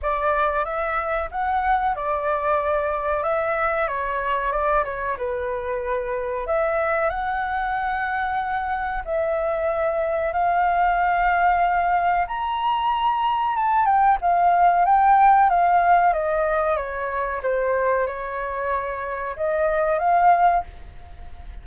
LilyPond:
\new Staff \with { instrumentName = "flute" } { \time 4/4 \tempo 4 = 93 d''4 e''4 fis''4 d''4~ | d''4 e''4 cis''4 d''8 cis''8 | b'2 e''4 fis''4~ | fis''2 e''2 |
f''2. ais''4~ | ais''4 a''8 g''8 f''4 g''4 | f''4 dis''4 cis''4 c''4 | cis''2 dis''4 f''4 | }